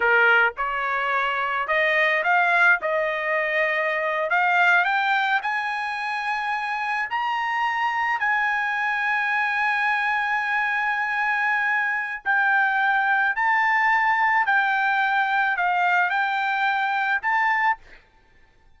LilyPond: \new Staff \with { instrumentName = "trumpet" } { \time 4/4 \tempo 4 = 108 ais'4 cis''2 dis''4 | f''4 dis''2~ dis''8. f''16~ | f''8. g''4 gis''2~ gis''16~ | gis''8. ais''2 gis''4~ gis''16~ |
gis''1~ | gis''2 g''2 | a''2 g''2 | f''4 g''2 a''4 | }